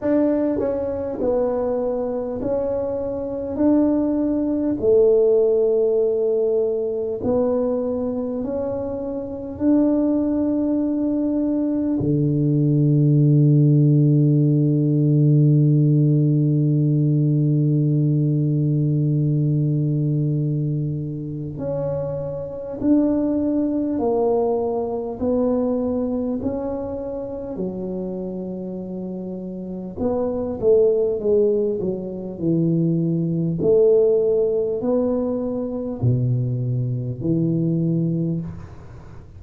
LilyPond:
\new Staff \with { instrumentName = "tuba" } { \time 4/4 \tempo 4 = 50 d'8 cis'8 b4 cis'4 d'4 | a2 b4 cis'4 | d'2 d2~ | d1~ |
d2 cis'4 d'4 | ais4 b4 cis'4 fis4~ | fis4 b8 a8 gis8 fis8 e4 | a4 b4 b,4 e4 | }